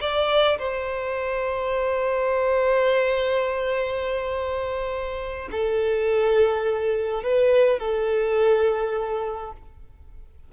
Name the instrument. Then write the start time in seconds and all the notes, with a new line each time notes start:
violin
0.00 D5
0.58 C5
5.51 A4
7.23 B4
7.79 A4